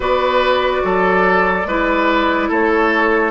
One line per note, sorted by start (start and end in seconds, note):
0.00 0.81 B3
0.00 1.65 F#4
0.00 0.81 B4
0.00 2.50 D5
0.84 1.65 F#3
0.84 1.67 A4
1.65 2.48 G#3
1.65 3.31 E4
1.65 2.48 B4
2.48 3.31 A3
2.48 3.31 A4
2.48 3.31 C#5